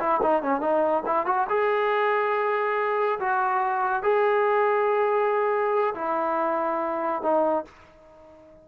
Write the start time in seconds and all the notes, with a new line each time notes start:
0.00 E4
0.23 D#4
0.43 C#4
0.61 D#4
1.06 E4
1.26 F#4
1.50 G#4
3.20 F#4
4.03 G#4
5.95 E4
7.23 D#4